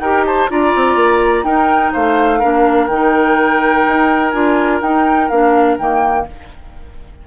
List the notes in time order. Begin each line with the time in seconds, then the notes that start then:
0.00 D#4 G4 A#4 G5
0.26 C5 A5
0.49 D4 F4 D5 A#5
0.75 C4
0.96 A#3
1.44 D#4 A#4 G5
1.93 A3 C5 F5
2.39 A#3 D4 A#4
2.87 D#3 D#4 G5
3.88 D#4
4.31 D4 F4 G#5
4.82 D#4 G5
5.29 A#3 D4 F5
5.79 D#3 A#3 G5